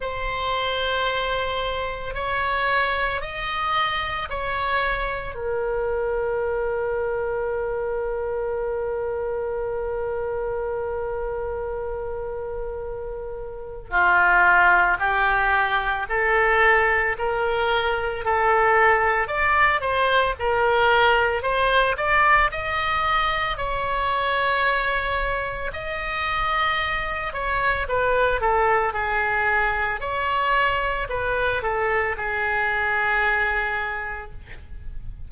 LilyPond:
\new Staff \with { instrumentName = "oboe" } { \time 4/4 \tempo 4 = 56 c''2 cis''4 dis''4 | cis''4 ais'2.~ | ais'1~ | ais'4 f'4 g'4 a'4 |
ais'4 a'4 d''8 c''8 ais'4 | c''8 d''8 dis''4 cis''2 | dis''4. cis''8 b'8 a'8 gis'4 | cis''4 b'8 a'8 gis'2 | }